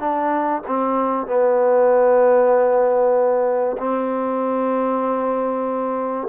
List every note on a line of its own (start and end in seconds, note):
0.00 0.62 D4
0.68 1.28 C4
1.28 3.78 B3
3.78 6.28 C4